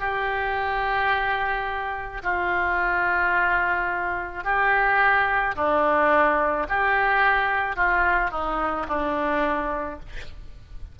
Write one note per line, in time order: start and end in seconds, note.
0.00 2.22 G4
2.23 4.44 F4
4.44 5.55 G4
5.56 6.67 D4
6.69 7.76 G4
7.76 8.31 F4
8.31 8.86 D#4
8.88 9.99 D4